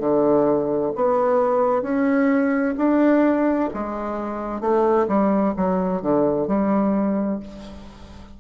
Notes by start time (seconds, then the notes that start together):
0.00 D3
0.95 B3
1.82 C#4
2.78 D4
3.74 G#3
4.61 A3
5.08 G3
5.57 F#3
6.02 D3
6.47 G3